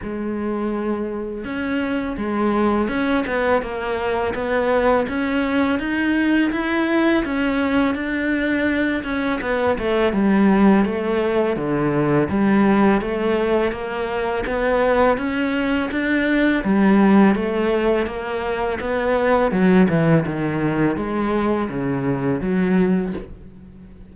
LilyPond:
\new Staff \with { instrumentName = "cello" } { \time 4/4 \tempo 4 = 83 gis2 cis'4 gis4 | cis'8 b8 ais4 b4 cis'4 | dis'4 e'4 cis'4 d'4~ | d'8 cis'8 b8 a8 g4 a4 |
d4 g4 a4 ais4 | b4 cis'4 d'4 g4 | a4 ais4 b4 fis8 e8 | dis4 gis4 cis4 fis4 | }